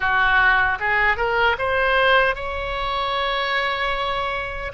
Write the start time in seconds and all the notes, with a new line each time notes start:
0.00 F#4
0.79 G#4
1.16 A#4
1.58 C5
2.35 C#5